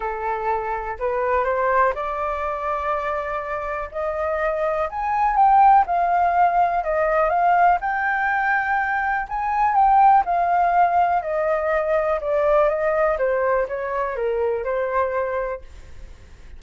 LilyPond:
\new Staff \with { instrumentName = "flute" } { \time 4/4 \tempo 4 = 123 a'2 b'4 c''4 | d''1 | dis''2 gis''4 g''4 | f''2 dis''4 f''4 |
g''2. gis''4 | g''4 f''2 dis''4~ | dis''4 d''4 dis''4 c''4 | cis''4 ais'4 c''2 | }